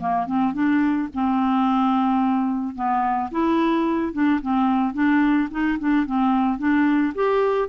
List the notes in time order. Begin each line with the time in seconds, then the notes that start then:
0.00 A#3
0.26 C4
0.53 D4
1.14 C4
2.75 B3
3.31 E4
4.13 D4
4.41 C4
4.93 D4
5.50 D#4
5.79 D4
6.06 C4
6.58 D4
7.15 G4